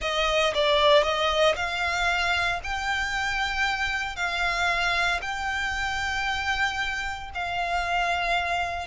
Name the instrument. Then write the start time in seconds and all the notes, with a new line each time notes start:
violin
0.01 D#5
0.54 D5
1.03 D#5
1.56 F5
2.63 G5
4.15 F5
5.21 G5
7.34 F5